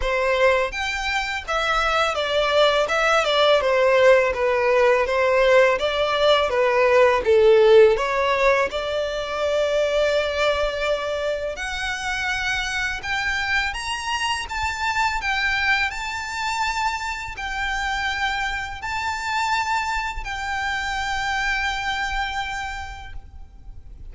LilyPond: \new Staff \with { instrumentName = "violin" } { \time 4/4 \tempo 4 = 83 c''4 g''4 e''4 d''4 | e''8 d''8 c''4 b'4 c''4 | d''4 b'4 a'4 cis''4 | d''1 |
fis''2 g''4 ais''4 | a''4 g''4 a''2 | g''2 a''2 | g''1 | }